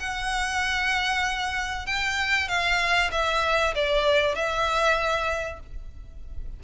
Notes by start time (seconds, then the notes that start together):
0.00 F#5
1.87 G5
2.49 F5
3.12 E5
3.76 D5
4.36 E5